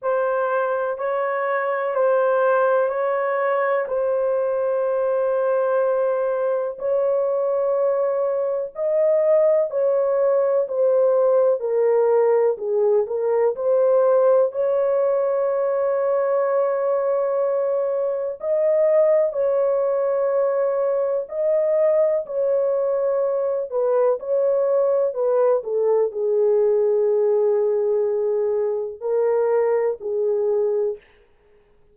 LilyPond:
\new Staff \with { instrumentName = "horn" } { \time 4/4 \tempo 4 = 62 c''4 cis''4 c''4 cis''4 | c''2. cis''4~ | cis''4 dis''4 cis''4 c''4 | ais'4 gis'8 ais'8 c''4 cis''4~ |
cis''2. dis''4 | cis''2 dis''4 cis''4~ | cis''8 b'8 cis''4 b'8 a'8 gis'4~ | gis'2 ais'4 gis'4 | }